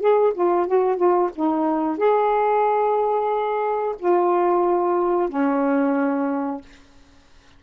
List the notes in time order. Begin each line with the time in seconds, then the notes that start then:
0.00 G#4
0.34 F4
0.67 F#4
0.97 F4
1.35 D#4
1.98 G#4
3.99 F4
5.29 C#4